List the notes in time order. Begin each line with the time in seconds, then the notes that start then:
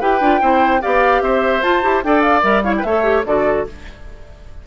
0.00 E4 G4 B4 G5
0.20 D4 F4
0.40 C4 E4 C5
0.81 B3 G4 D5 F5
1.22 C4 C5 E5
1.62 F4 A5
1.82 E4 G4
2.04 D4 A4 D5 G5
2.21 F5
2.42 G3 A#4 E5
2.63 E4 C#5 F5
2.77 B4 G5
2.83 A3 A4 C#5 E5
3.03 G4
3.26 D3 F#4 A4 D5